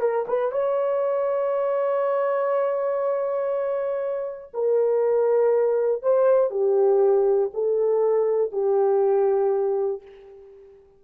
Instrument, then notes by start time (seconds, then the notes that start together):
horn
0.00 A#4
0.27 B4
0.51 C#5
4.53 A#4
6.02 C5
6.50 G4
7.53 A4
8.52 G4